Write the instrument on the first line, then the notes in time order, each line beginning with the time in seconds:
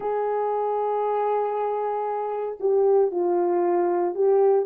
horn
0.00 G#4
2.60 G4
3.11 F4
4.14 G4